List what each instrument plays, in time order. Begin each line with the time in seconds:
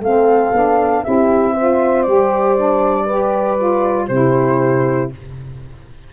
0.00 tuba A3, saxophone C4, horn A4, flute F5
0.52 tuba B3, saxophone D4
1.04 tuba C4, saxophone E4, horn G4, flute E5
1.53 saxophone F4, horn C5
2.02 tuba G3, saxophone G4, flute D5
2.56 saxophone D4
3.05 saxophone G4, horn B4
3.57 saxophone F4
4.07 tuba C3, saxophone E4, horn G4, flute C5